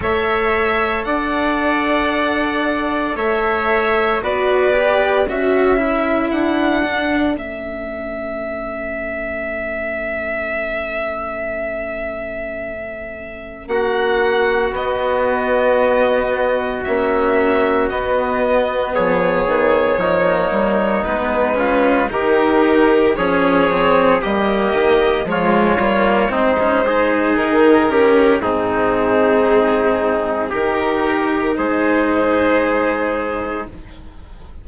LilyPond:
<<
  \new Staff \with { instrumentName = "violin" } { \time 4/4 \tempo 4 = 57 e''4 fis''2 e''4 | d''4 e''4 fis''4 e''4~ | e''1~ | e''4 fis''4 dis''2 |
e''4 dis''4 cis''2 | b'4 ais'4 cis''4 dis''4 | cis''4 c''4 ais'4 gis'4~ | gis'4 ais'4 c''2 | }
  \new Staff \with { instrumentName = "trumpet" } { \time 4/4 cis''4 d''2 cis''4 | b'4 a'2.~ | a'1~ | a'4 fis'2.~ |
fis'2 gis'4 dis'4~ | dis'8 f'8 g'4 gis'4 g'4 | f'4 dis'8 gis'4 g'8 dis'4~ | dis'4 g'4 gis'2 | }
  \new Staff \with { instrumentName = "cello" } { \time 4/4 a'1 | fis'8 g'8 fis'8 e'4 d'8 cis'4~ | cis'1~ | cis'2 b2 |
cis'4 b2 ais4 | b8 cis'8 dis'4 cis'8 c'8 ais4 | gis8 ais8 c'16 cis'16 dis'4 cis'8 c'4~ | c'4 dis'2. | }
  \new Staff \with { instrumentName = "bassoon" } { \time 4/4 a4 d'2 a4 | b4 cis'4 d'4 a4~ | a1~ | a4 ais4 b2 |
ais4 b4 f8 dis8 f8 g8 | gis4 dis4 f4 g8 dis8 | f8 g8 gis4 dis4 gis,4~ | gis,4 dis4 gis2 | }
>>